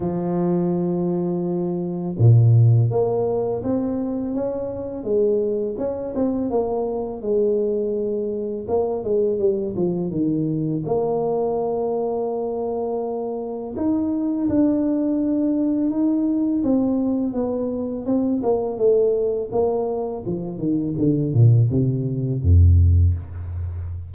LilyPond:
\new Staff \with { instrumentName = "tuba" } { \time 4/4 \tempo 4 = 83 f2. ais,4 | ais4 c'4 cis'4 gis4 | cis'8 c'8 ais4 gis2 | ais8 gis8 g8 f8 dis4 ais4~ |
ais2. dis'4 | d'2 dis'4 c'4 | b4 c'8 ais8 a4 ais4 | f8 dis8 d8 ais,8 c4 f,4 | }